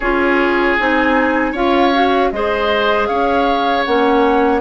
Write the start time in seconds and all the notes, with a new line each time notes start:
0.00 C#4 F4 G#4 C#5
0.77 C4 D#4 G#5
1.51 C#4 F4 C#5 F5
1.94 F#4
2.31 G#3 G#4 C5 D#5
3.06 C#4 C#5 F5
3.84 A#3 C#4 F#5